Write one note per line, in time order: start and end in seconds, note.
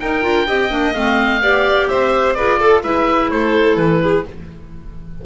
0.00 0.22 D#4
0.00 0.25 D#4
0.00 0.47 A#4
0.00 0.94 G5
0.22 0.47 D4
0.22 0.46 F4
0.47 0.70 C4
0.47 0.69 G4
0.47 1.41 D#5
0.69 0.93 A#3
0.69 0.93 D4
0.93 1.40 A3
0.93 1.41 C4
0.93 1.88 F5
1.40 1.87 B3
1.40 2.36 G4
1.40 1.89 D5
1.88 2.37 C4
1.88 2.36 C5
1.88 2.33 E5
2.33 2.84 F4
2.33 2.60 G#4
2.33 2.58 B4
2.33 2.81 D5
2.58 2.82 A4
2.58 2.83 A4
2.83 3.30 G#3
2.83 4.25 E4
2.83 3.30 B4
2.83 3.30 E5
3.30 3.76 A3
3.30 4.01 A4
3.30 3.77 C5
3.76 4.23 E3
3.76 4.24 B4
4.01 4.25 G#4